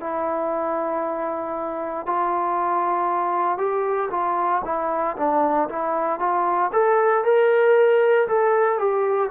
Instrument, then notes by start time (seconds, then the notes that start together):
trombone
0.00 E4
2.06 F4
3.57 G4
4.11 F4
4.65 E4
5.17 D4
5.68 E4
6.19 F4
6.72 A4
7.24 A#4
8.28 A4
8.78 G4